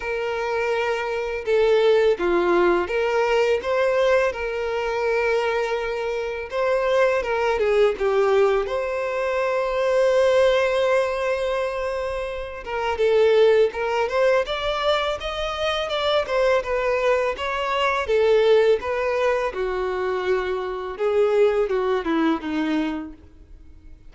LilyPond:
\new Staff \with { instrumentName = "violin" } { \time 4/4 \tempo 4 = 83 ais'2 a'4 f'4 | ais'4 c''4 ais'2~ | ais'4 c''4 ais'8 gis'8 g'4 | c''1~ |
c''4. ais'8 a'4 ais'8 c''8 | d''4 dis''4 d''8 c''8 b'4 | cis''4 a'4 b'4 fis'4~ | fis'4 gis'4 fis'8 e'8 dis'4 | }